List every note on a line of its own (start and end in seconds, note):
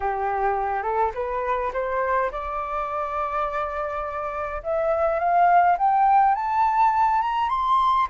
0.00 0.82 G4
0.82 1.11 A4
1.14 1.72 B4
1.73 2.31 C5
2.31 4.62 D5
4.63 5.19 E5
5.19 5.77 F5
5.78 6.35 G5
6.35 7.21 A5
7.21 7.49 A#5
7.49 8.06 C6